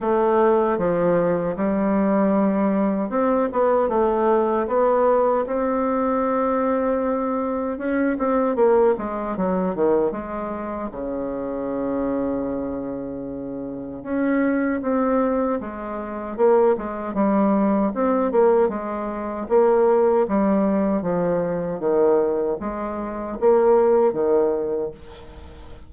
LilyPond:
\new Staff \with { instrumentName = "bassoon" } { \time 4/4 \tempo 4 = 77 a4 f4 g2 | c'8 b8 a4 b4 c'4~ | c'2 cis'8 c'8 ais8 gis8 | fis8 dis8 gis4 cis2~ |
cis2 cis'4 c'4 | gis4 ais8 gis8 g4 c'8 ais8 | gis4 ais4 g4 f4 | dis4 gis4 ais4 dis4 | }